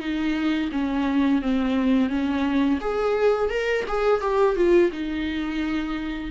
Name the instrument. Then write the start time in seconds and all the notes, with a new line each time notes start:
viola
0.00 D#4
0.72 C#4
1.42 C4
2.09 C#4
2.81 G#4
3.50 A#4
3.88 G#4
4.21 G4
4.56 F4
4.92 D#4